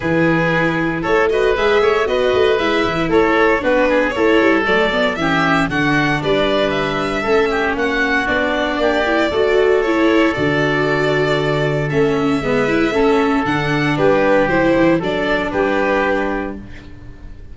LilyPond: <<
  \new Staff \with { instrumentName = "violin" } { \time 4/4 \tempo 4 = 116 b'2 cis''8 dis''8 e''4 | dis''4 e''4 cis''4 b'4 | cis''4 d''4 e''4 fis''4 | d''4 e''2 fis''4 |
d''2. cis''4 | d''2. e''4~ | e''2 fis''4 b'4 | c''4 d''4 b'2 | }
  \new Staff \with { instrumentName = "oboe" } { \time 4/4 gis'2 a'8 b'4 cis''8 | b'2 a'4 fis'8 gis'8 | a'2 g'4 fis'4 | b'2 a'8 g'8 fis'4~ |
fis'4 g'4 a'2~ | a'1 | b'4 a'2 g'4~ | g'4 a'4 g'2 | }
  \new Staff \with { instrumentName = "viola" } { \time 4/4 e'2~ e'8 fis'8 gis'4 | fis'4 e'2 d'4 | e'4 a8 b8 cis'4 d'4~ | d'2 cis'2 |
d'4. e'8 fis'4 e'4 | fis'2. cis'4 | b8 e'8 cis'4 d'2 | e'4 d'2. | }
  \new Staff \with { instrumentName = "tuba" } { \time 4/4 e2 a4 gis8 a8 | b8 a8 gis8 e8 a4 b4 | a8 g8 fis4 e4 d4 | g2 a4 ais4 |
b4 ais4 a2 | d2. a4 | gis4 a4 d4 g4 | fis8 e8 fis4 g2 | }
>>